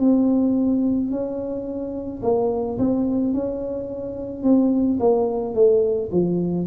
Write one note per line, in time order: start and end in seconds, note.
0.00 1.11 C4
1.11 2.22 C#4
2.23 2.78 A#3
2.79 3.34 C4
3.34 4.43 C#4
4.43 4.99 C4
5.00 5.55 A#3
5.55 6.11 A3
6.12 6.67 F3